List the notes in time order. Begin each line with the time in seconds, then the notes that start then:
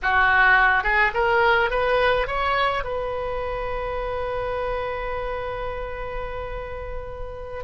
0.02 F#4
0.83 G#4
1.13 A#4
1.70 B4
2.27 C#5
2.84 B4